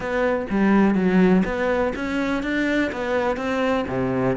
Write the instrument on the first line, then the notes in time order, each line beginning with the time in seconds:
cello
0.00 B3
0.49 G3
0.94 F#3
1.44 B3
1.95 C#4
2.42 D4
2.92 B3
3.37 C4
3.88 C3